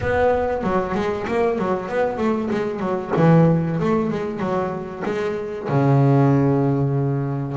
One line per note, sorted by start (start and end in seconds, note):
0.00 0.63 B3
0.63 0.94 F#3
0.94 1.26 G#3
1.27 1.58 A#3
1.58 1.89 F#3
1.89 2.17 B3
2.17 2.49 A3
2.50 2.79 G#3
2.79 3.11 F#3
3.16 3.79 E3
3.80 4.10 A3
4.10 4.39 G#3
4.39 5.02 F#3
5.05 5.68 G#3
5.68 7.56 C#3